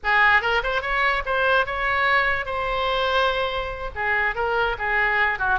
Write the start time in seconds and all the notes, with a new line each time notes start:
0.03 G#4
0.41 A#4
0.63 C5
0.81 C#5
1.25 C5
1.66 C#5
2.45 C5
3.95 G#4
4.35 A#4
4.78 G#4
5.38 F#4